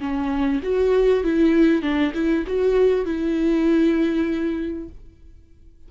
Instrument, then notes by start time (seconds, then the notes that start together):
viola
0.00 C#4
0.63 F#4
1.24 E4
1.82 D4
2.14 E4
2.47 F#4
3.05 E4